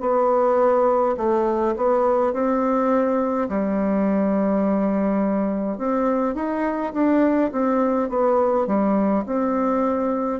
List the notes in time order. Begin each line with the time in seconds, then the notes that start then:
0.00 B3
1.17 A3
1.76 B3
2.33 C4
3.49 G3
5.78 C4
6.35 D#4
6.93 D4
7.52 C4
8.09 B3
8.67 G3
9.26 C4